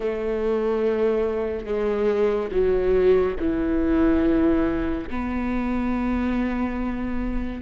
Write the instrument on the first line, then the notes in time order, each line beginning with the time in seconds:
viola
0.00 A3
1.65 G#3
2.51 F#3
3.39 E3
5.10 B3